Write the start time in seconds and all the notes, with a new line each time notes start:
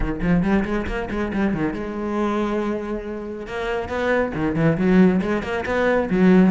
0.00 D#3
0.22 F3
0.42 G3
0.64 G#3
0.87 A#3
1.10 G#3
1.33 G3
1.53 D#3
1.73 G#3
3.46 A#3
3.88 B3
4.34 D#3
4.55 E3
4.77 F#3
5.21 G#3
5.42 A#3
5.65 B3
6.10 F#3